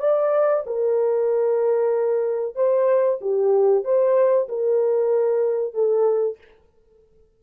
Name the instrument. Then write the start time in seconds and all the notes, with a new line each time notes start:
horn
0.00 D5
0.66 A#4
2.55 C5
3.21 G4
3.84 C5
4.49 A#4
5.74 A4